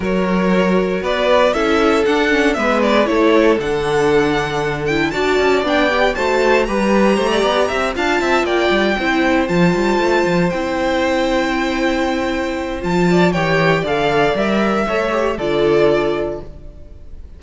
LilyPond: <<
  \new Staff \with { instrumentName = "violin" } { \time 4/4 \tempo 4 = 117 cis''2 d''4 e''4 | fis''4 e''8 d''8 cis''4 fis''4~ | fis''4. g''8 a''4 g''4 | a''4 ais''2~ ais''8 a''8~ |
a''8 g''2 a''4.~ | a''8 g''2.~ g''8~ | g''4 a''4 g''4 f''4 | e''2 d''2 | }
  \new Staff \with { instrumentName = "violin" } { \time 4/4 ais'2 b'4 a'4~ | a'4 b'4 a'2~ | a'2 d''2 | c''4 b'4 c''16 d''8. e''8 f''8 |
e''8 d''4 c''2~ c''8~ | c''1~ | c''4. d''8 cis''4 d''4~ | d''4 cis''4 a'2 | }
  \new Staff \with { instrumentName = "viola" } { \time 4/4 fis'2. e'4 | d'8 cis'8 b4 e'4 d'4~ | d'4. e'8 fis'4 d'8 g'8 | fis'4 g'2~ g'8 f'8~ |
f'4. e'4 f'4.~ | f'8 e'2.~ e'8~ | e'4 f'4 g'4 a'4 | ais'4 a'8 g'8 f'2 | }
  \new Staff \with { instrumentName = "cello" } { \time 4/4 fis2 b4 cis'4 | d'4 gis4 a4 d4~ | d2 d'8 cis'8 b4 | a4 g4 a8 b8 c'8 d'8 |
c'8 ais8 g8 c'4 f8 g8 a8 | f8 c'2.~ c'8~ | c'4 f4 e4 d4 | g4 a4 d2 | }
>>